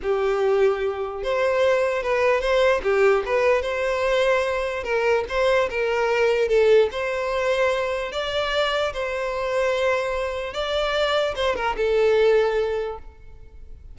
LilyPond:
\new Staff \with { instrumentName = "violin" } { \time 4/4 \tempo 4 = 148 g'2. c''4~ | c''4 b'4 c''4 g'4 | b'4 c''2. | ais'4 c''4 ais'2 |
a'4 c''2. | d''2 c''2~ | c''2 d''2 | c''8 ais'8 a'2. | }